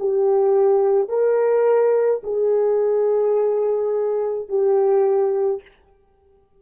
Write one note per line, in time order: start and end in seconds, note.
0.00 1.09 G4
1.09 2.22 A#4
2.24 4.49 G#4
4.49 5.62 G4